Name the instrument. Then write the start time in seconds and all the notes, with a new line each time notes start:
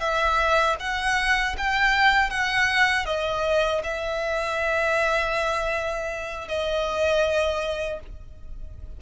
violin
0.00 E5
0.79 F#5
1.57 G5
2.30 F#5
3.05 D#5
3.83 E5
6.48 D#5